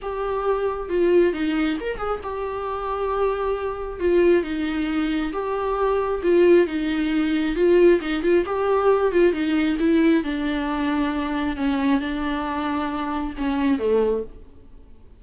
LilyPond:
\new Staff \with { instrumentName = "viola" } { \time 4/4 \tempo 4 = 135 g'2 f'4 dis'4 | ais'8 gis'8 g'2.~ | g'4 f'4 dis'2 | g'2 f'4 dis'4~ |
dis'4 f'4 dis'8 f'8 g'4~ | g'8 f'8 dis'4 e'4 d'4~ | d'2 cis'4 d'4~ | d'2 cis'4 a4 | }